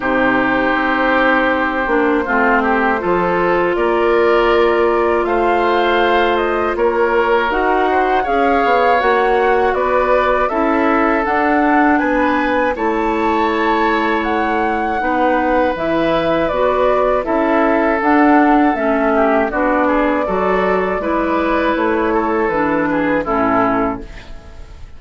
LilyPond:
<<
  \new Staff \with { instrumentName = "flute" } { \time 4/4 \tempo 4 = 80 c''1~ | c''4 d''2 f''4~ | f''8 dis''8 cis''4 fis''4 f''4 | fis''4 d''4 e''4 fis''4 |
gis''4 a''2 fis''4~ | fis''4 e''4 d''4 e''4 | fis''4 e''4 d''2~ | d''4 cis''4 b'4 a'4 | }
  \new Staff \with { instrumentName = "oboe" } { \time 4/4 g'2. f'8 g'8 | a'4 ais'2 c''4~ | c''4 ais'4. c''8 cis''4~ | cis''4 b'4 a'2 |
b'4 cis''2. | b'2. a'4~ | a'4. g'8 fis'8 gis'8 a'4 | b'4. a'4 gis'8 e'4 | }
  \new Staff \with { instrumentName = "clarinet" } { \time 4/4 dis'2~ dis'8 d'8 c'4 | f'1~ | f'2 fis'4 gis'4 | fis'2 e'4 d'4~ |
d'4 e'2. | dis'4 e'4 fis'4 e'4 | d'4 cis'4 d'4 fis'4 | e'2 d'4 cis'4 | }
  \new Staff \with { instrumentName = "bassoon" } { \time 4/4 c4 c'4. ais8 a4 | f4 ais2 a4~ | a4 ais4 dis'4 cis'8 b8 | ais4 b4 cis'4 d'4 |
b4 a2. | b4 e4 b4 cis'4 | d'4 a4 b4 fis4 | gis4 a4 e4 a,4 | }
>>